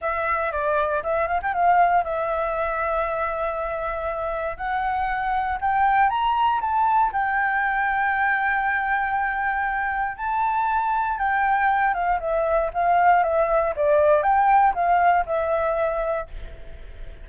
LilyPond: \new Staff \with { instrumentName = "flute" } { \time 4/4 \tempo 4 = 118 e''4 d''4 e''8 f''16 g''16 f''4 | e''1~ | e''4 fis''2 g''4 | ais''4 a''4 g''2~ |
g''1 | a''2 g''4. f''8 | e''4 f''4 e''4 d''4 | g''4 f''4 e''2 | }